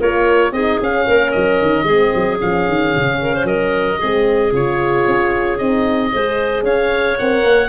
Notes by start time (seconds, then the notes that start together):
0.00 A#3 F4 A#4 C#5
0.52 C4 D#4 G#4 D#5
0.81 C#4 F5
1.06 A#3 A#4
1.32 F#3 D#5
1.62 D#3
1.84 G#3 C4 G#4
2.15 F#3
2.38 F3 C#4 F5
2.69 D#3
2.97 C#3
3.22 A#4
3.35 C5
3.45 F#3 A#4 D#5
3.99 G#3 C4 G#4
4.52 C#3 F4 C#5
5.08 C#4
5.58 C4 D#4 D#5
6.11 G#3 G#4 C5
6.63 C#4 C#5 F5
7.19 C4 A#4 F#5
7.44 A#3